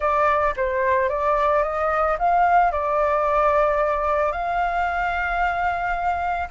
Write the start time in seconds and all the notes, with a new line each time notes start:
0.00 D5
0.56 C5
1.09 D5
1.63 D#5
2.18 F5
2.71 D5
4.32 F5